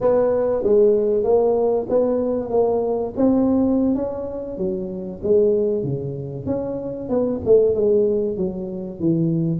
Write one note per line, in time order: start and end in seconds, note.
0.00 0.63 B3
0.63 1.23 G#3
1.23 1.86 A#3
1.89 2.50 B3
2.50 3.13 A#3
3.16 3.95 C4
3.95 4.57 C#4
4.57 5.20 F#3
5.22 5.83 G#3
5.83 6.46 C#3
6.46 7.09 C#4
7.09 7.40 B3
7.45 7.74 A3
7.74 8.37 G#3
8.37 8.99 F#3
8.99 9.60 E3